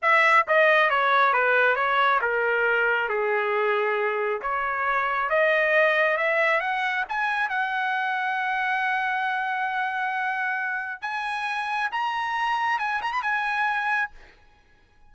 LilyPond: \new Staff \with { instrumentName = "trumpet" } { \time 4/4 \tempo 4 = 136 e''4 dis''4 cis''4 b'4 | cis''4 ais'2 gis'4~ | gis'2 cis''2 | dis''2 e''4 fis''4 |
gis''4 fis''2.~ | fis''1~ | fis''4 gis''2 ais''4~ | ais''4 gis''8 ais''16 b''16 gis''2 | }